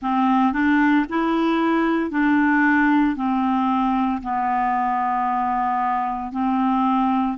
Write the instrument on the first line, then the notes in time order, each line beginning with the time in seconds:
clarinet
0.01 C4
0.53 D4
1.09 E4
2.11 D4
3.16 C4
4.22 B3
6.32 C4